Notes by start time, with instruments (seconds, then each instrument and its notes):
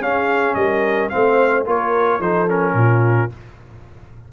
0.00 tuba C#4, trombone C#4, horn G#4, trumpet F5
0.54 tuba G3, horn A#4, trumpet D#5
1.09 tuba A3, trombone C4, horn C5, trumpet F5
1.65 tuba A#3, trombone F4, horn A#4, trumpet C#5
2.20 tuba F3, trombone D#4, horn A4, trumpet C5
2.47 trombone C#4, trumpet A#4
2.73 tuba A#2, horn F4